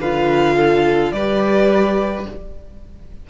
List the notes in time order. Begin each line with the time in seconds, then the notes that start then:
0.00 D3 F4 B4 F5
0.56 A4
1.12 G3 G4 B4 D5